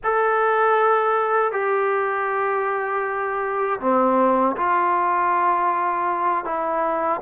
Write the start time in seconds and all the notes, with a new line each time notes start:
0.03 A4
1.52 G4
3.80 C4
4.56 F4
6.45 E4